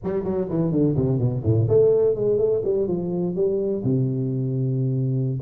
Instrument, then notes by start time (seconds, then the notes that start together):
tuba
0.03 G3
0.24 F#3
0.49 E3
0.71 D3
0.96 C3
1.18 B2
1.43 A2
1.68 A3
2.15 G#3
2.38 A3
2.64 G3
2.87 F3
3.35 G3
3.83 C3